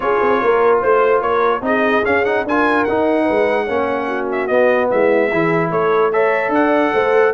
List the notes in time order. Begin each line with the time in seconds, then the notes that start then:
0.00 C#4 F4 G#4 C#5
0.21 C4
0.42 A#3 A#4
0.81 A3 C5
1.21 A#3 A#4 C#5
1.61 C4 D#4 G#4 D#5
2.04 C#4 F5
2.24 D#4 F#5
2.44 D4 F4 A#4 G#5
2.84 D#4 F#5
3.23 B4
3.30 G#3
3.64 A#3 C#4 C#5
4.07 F#4
4.31 E5
4.47 B3 D#5
4.90 G#3 E4 E5
5.29 E3 E4 G#4
5.70 A3 A4 C#5
6.12 A4 C#5 E5
6.48 D4 D5 F#5
6.93 A3 C5